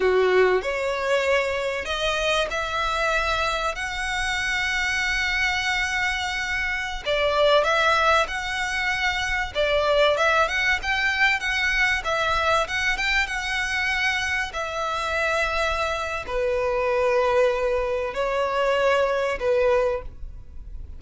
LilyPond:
\new Staff \with { instrumentName = "violin" } { \time 4/4 \tempo 4 = 96 fis'4 cis''2 dis''4 | e''2 fis''2~ | fis''2.~ fis''16 d''8.~ | d''16 e''4 fis''2 d''8.~ |
d''16 e''8 fis''8 g''4 fis''4 e''8.~ | e''16 fis''8 g''8 fis''2 e''8.~ | e''2 b'2~ | b'4 cis''2 b'4 | }